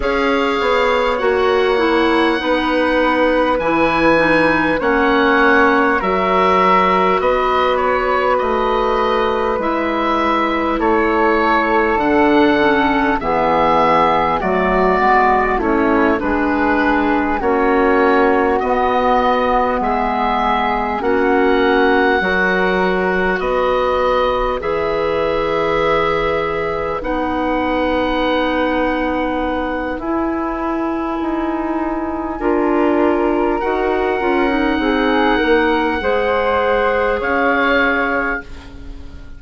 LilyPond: <<
  \new Staff \with { instrumentName = "oboe" } { \time 4/4 \tempo 4 = 50 f''4 fis''2 gis''4 | fis''4 e''4 dis''8 cis''8 dis''4 | e''4 cis''4 fis''4 e''4 | d''4 cis''8 b'4 cis''4 dis''8~ |
dis''8 e''4 fis''2 dis''8~ | dis''8 e''2 fis''4.~ | fis''4 gis''2. | fis''2. f''4 | }
  \new Staff \with { instrumentName = "flute" } { \time 4/4 cis''2 b'2 | cis''4 ais'4 b'2~ | b'4 a'2 gis'4 | fis'4 e'8 gis'4 fis'4.~ |
fis'8 gis'4 fis'4 ais'4 b'8~ | b'1~ | b'2. ais'4~ | ais'4 gis'8 ais'8 c''4 cis''4 | }
  \new Staff \with { instrumentName = "clarinet" } { \time 4/4 gis'4 fis'8 e'8 dis'4 e'8 dis'8 | cis'4 fis'2. | e'2 d'8 cis'8 b4 | a8 b8 cis'8 d'4 cis'4 b8~ |
b4. cis'4 fis'4.~ | fis'8 gis'2 dis'4.~ | dis'4 e'2 f'4 | fis'8 f'16 dis'4~ dis'16 gis'2 | }
  \new Staff \with { instrumentName = "bassoon" } { \time 4/4 cis'8 b8 ais4 b4 e4 | ais4 fis4 b4 a4 | gis4 a4 d4 e4 | fis8 gis8 a8 gis4 ais4 b8~ |
b8 gis4 ais4 fis4 b8~ | b8 e2 b4.~ | b4 e'4 dis'4 d'4 | dis'8 cis'8 c'8 ais8 gis4 cis'4 | }
>>